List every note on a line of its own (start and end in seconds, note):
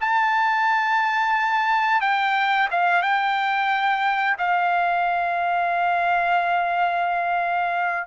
0.00 2.01 A5
2.01 2.68 G5
2.71 3.02 F5
3.02 4.36 G5
4.38 8.07 F5